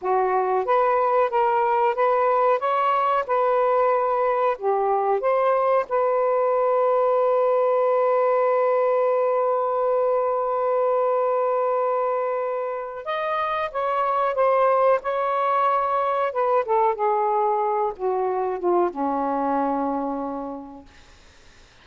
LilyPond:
\new Staff \with { instrumentName = "saxophone" } { \time 4/4 \tempo 4 = 92 fis'4 b'4 ais'4 b'4 | cis''4 b'2 g'4 | c''4 b'2.~ | b'1~ |
b'1 | dis''4 cis''4 c''4 cis''4~ | cis''4 b'8 a'8 gis'4. fis'8~ | fis'8 f'8 cis'2. | }